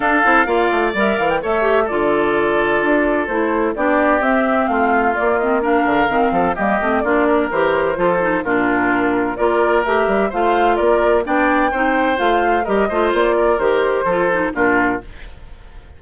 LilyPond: <<
  \new Staff \with { instrumentName = "flute" } { \time 4/4 \tempo 4 = 128 f''2 e''8 f''16 g''16 e''4 | d''2. c''4 | d''4 e''4 f''4 d''8 dis''8 | f''2 dis''4 d''4 |
c''2 ais'2 | d''4 e''4 f''4 d''4 | g''2 f''4 dis''4 | d''4 c''2 ais'4 | }
  \new Staff \with { instrumentName = "oboe" } { \time 4/4 a'4 d''2 cis''4 | a'1 | g'2 f'2 | ais'4. a'8 g'4 f'8 ais'8~ |
ais'4 a'4 f'2 | ais'2 c''4 ais'4 | d''4 c''2 ais'8 c''8~ | c''8 ais'4. a'4 f'4 | }
  \new Staff \with { instrumentName = "clarinet" } { \time 4/4 d'8 e'8 f'4 ais'4 a'8 g'8 | f'2. e'4 | d'4 c'2 ais8 c'8 | d'4 c'4 ais8 c'8 d'4 |
g'4 f'8 dis'8 d'2 | f'4 g'4 f'2 | d'4 dis'4 f'4 g'8 f'8~ | f'4 g'4 f'8 dis'8 d'4 | }
  \new Staff \with { instrumentName = "bassoon" } { \time 4/4 d'8 c'8 ais8 a8 g8 e8 a4 | d2 d'4 a4 | b4 c'4 a4 ais4~ | ais8 d8 dis8 f8 g8 a8 ais4 |
e4 f4 ais,2 | ais4 a8 g8 a4 ais4 | b4 c'4 a4 g8 a8 | ais4 dis4 f4 ais,4 | }
>>